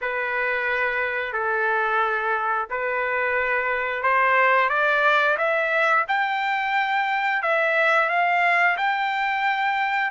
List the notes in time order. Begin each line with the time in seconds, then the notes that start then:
0.01 B4
1.33 A4
2.70 B4
4.03 C5
4.69 D5
5.37 E5
6.08 G5
7.42 E5
8.09 F5
8.77 G5